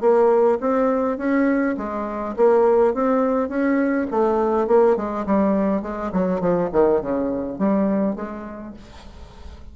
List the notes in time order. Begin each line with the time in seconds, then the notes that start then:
0.00 A#3
0.60 C4
1.17 C#4
1.77 G#3
2.36 A#3
2.94 C4
3.48 C#4
4.10 A3
4.67 A#3
4.96 G#3
5.26 G3
5.81 G#3
6.12 F#3
6.40 F3
6.72 D#3
7.01 C#3
7.58 G3
8.15 G#3